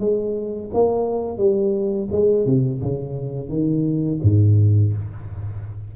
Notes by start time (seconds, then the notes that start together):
0.00 G#3
0.74 A#3
1.38 G3
2.12 G#3
2.46 C3
2.82 C#3
3.49 D#3
4.23 G#2